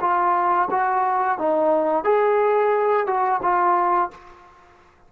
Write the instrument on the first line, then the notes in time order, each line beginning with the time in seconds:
trombone
0.00 F4
0.70 F#4
1.38 D#4
2.04 G#4
3.06 F#4
3.42 F4